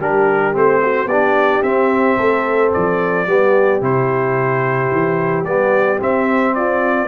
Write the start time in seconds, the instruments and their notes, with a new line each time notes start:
0.00 tuba G3, trombone D4, horn G4, trumpet A#4
0.53 tuba A3, trombone C4, trumpet C5
0.83 horn F#4
1.06 tuba B3, trombone D4, horn G4, trumpet D5
1.62 tuba C4, trombone C4, trumpet E5
2.17 tuba A3, horn A4
2.73 tuba F3, trumpet D5
3.27 tuba G3, trombone B3, horn G4
3.81 tuba C3, trombone E4, trumpet C5
4.92 tuba E3
5.44 tuba G3, trombone B3, trumpet D5
5.99 trombone C4, tuba C4, trumpet E5
6.55 horn F4, trumpet D5